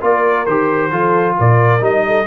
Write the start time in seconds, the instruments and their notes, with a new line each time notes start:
0.00 tuba A#3, trombone F4, horn A#4, trumpet D5
0.45 tuba D#3, trombone G4, trumpet C5
0.91 tuba F3, trombone F4, horn A4
1.38 tuba A#2, horn A#4, trumpet D5
1.80 tuba G3, trombone D#4, trumpet D#5
2.07 horn A4